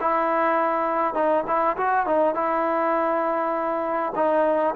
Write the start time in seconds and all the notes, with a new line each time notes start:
0.00 E4
1.14 D#4
1.46 E4
1.77 F#4
2.06 D#4
2.34 E4
4.15 D#4